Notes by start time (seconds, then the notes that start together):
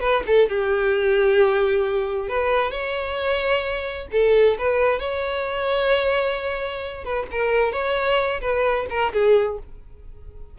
0.00 B4
0.26 A4
0.49 G4
2.29 B4
2.71 C#5
4.12 A4
4.58 B4
4.99 C#5
7.04 B4
7.31 A#4
7.72 C#5
8.41 B4
8.90 A#4
9.13 G#4